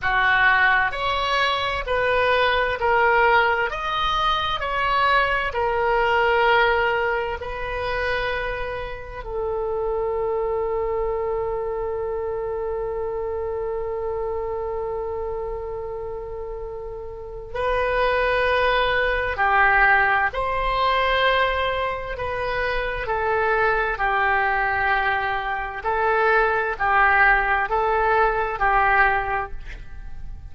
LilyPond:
\new Staff \with { instrumentName = "oboe" } { \time 4/4 \tempo 4 = 65 fis'4 cis''4 b'4 ais'4 | dis''4 cis''4 ais'2 | b'2 a'2~ | a'1~ |
a'2. b'4~ | b'4 g'4 c''2 | b'4 a'4 g'2 | a'4 g'4 a'4 g'4 | }